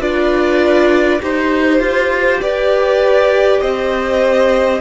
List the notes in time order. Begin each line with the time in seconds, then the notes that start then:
0.00 D4 F4 B4 D5
1.21 D#4 G4 C5
1.79 F4
2.41 G4 B4 D5
3.61 C4 C5 D#5